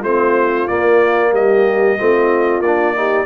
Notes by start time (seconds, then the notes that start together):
0.00 A3 C4 F4 C5
0.68 A#3 D5
1.33 G3 G4 D#5
1.98 A3 C4 F4
2.60 A#3 D4 D5
2.96 D#4 G4